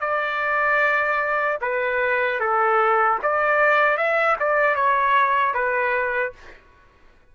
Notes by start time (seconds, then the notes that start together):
0.00 D5
1.61 B4
2.40 A4
3.22 D5
3.97 E5
4.39 D5
4.75 C#5
5.54 B4